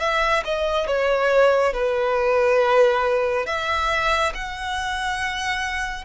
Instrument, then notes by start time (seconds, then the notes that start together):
violin
0.00 E5
0.45 D#5
0.87 C#5
1.74 B4
3.46 E5
4.34 F#5